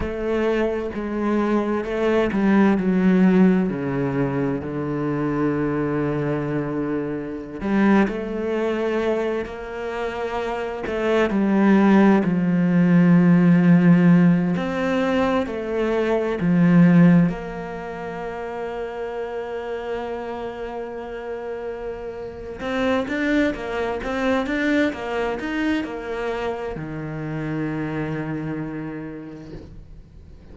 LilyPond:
\new Staff \with { instrumentName = "cello" } { \time 4/4 \tempo 4 = 65 a4 gis4 a8 g8 fis4 | cis4 d2.~ | d16 g8 a4. ais4. a16~ | a16 g4 f2~ f8 c'16~ |
c'8. a4 f4 ais4~ ais16~ | ais1~ | ais8 c'8 d'8 ais8 c'8 d'8 ais8 dis'8 | ais4 dis2. | }